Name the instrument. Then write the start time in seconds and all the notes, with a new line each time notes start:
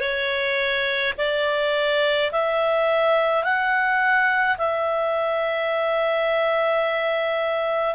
clarinet
0.00 C#5
1.18 D5
2.32 E5
3.44 F#5
4.58 E5